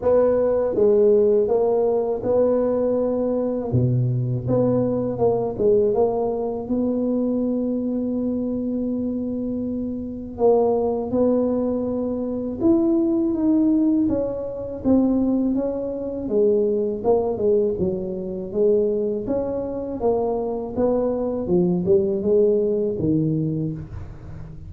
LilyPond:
\new Staff \with { instrumentName = "tuba" } { \time 4/4 \tempo 4 = 81 b4 gis4 ais4 b4~ | b4 b,4 b4 ais8 gis8 | ais4 b2.~ | b2 ais4 b4~ |
b4 e'4 dis'4 cis'4 | c'4 cis'4 gis4 ais8 gis8 | fis4 gis4 cis'4 ais4 | b4 f8 g8 gis4 dis4 | }